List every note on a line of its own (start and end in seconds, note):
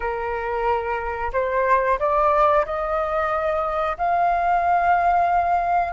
0.00 1.31 A#4
1.32 1.98 C5
1.99 2.65 D5
2.65 3.97 D#5
3.97 5.92 F5